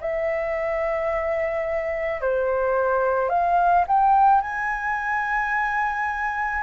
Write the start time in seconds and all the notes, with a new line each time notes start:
0.00 E5
2.21 C5
3.29 F5
3.87 G5
4.41 G#5